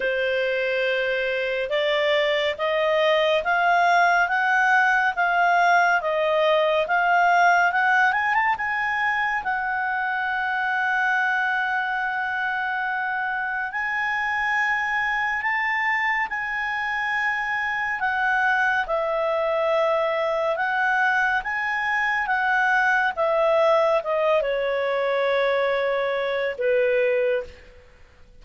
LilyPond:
\new Staff \with { instrumentName = "clarinet" } { \time 4/4 \tempo 4 = 70 c''2 d''4 dis''4 | f''4 fis''4 f''4 dis''4 | f''4 fis''8 gis''16 a''16 gis''4 fis''4~ | fis''1 |
gis''2 a''4 gis''4~ | gis''4 fis''4 e''2 | fis''4 gis''4 fis''4 e''4 | dis''8 cis''2~ cis''8 b'4 | }